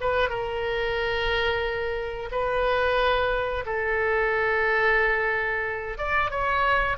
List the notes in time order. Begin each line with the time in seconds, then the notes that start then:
0.00 B4
0.29 A#4
2.31 B4
3.65 A4
5.97 D5
6.30 C#5